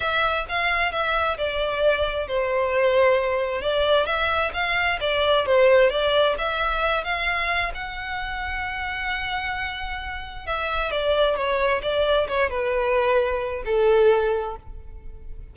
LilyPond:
\new Staff \with { instrumentName = "violin" } { \time 4/4 \tempo 4 = 132 e''4 f''4 e''4 d''4~ | d''4 c''2. | d''4 e''4 f''4 d''4 | c''4 d''4 e''4. f''8~ |
f''4 fis''2.~ | fis''2. e''4 | d''4 cis''4 d''4 cis''8 b'8~ | b'2 a'2 | }